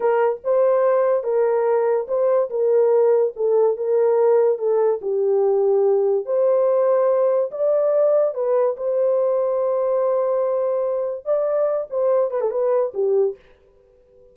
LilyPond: \new Staff \with { instrumentName = "horn" } { \time 4/4 \tempo 4 = 144 ais'4 c''2 ais'4~ | ais'4 c''4 ais'2 | a'4 ais'2 a'4 | g'2. c''4~ |
c''2 d''2 | b'4 c''2.~ | c''2. d''4~ | d''8 c''4 b'16 a'16 b'4 g'4 | }